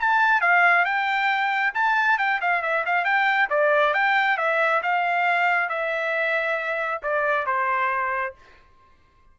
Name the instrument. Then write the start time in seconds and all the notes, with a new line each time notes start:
trumpet
0.00 A5
0.42 F5
0.86 G5
1.74 A5
2.19 G5
2.41 F5
2.63 E5
2.86 F5
3.05 G5
3.50 D5
3.94 G5
4.38 E5
4.83 F5
5.70 E5
7.03 D5
7.47 C5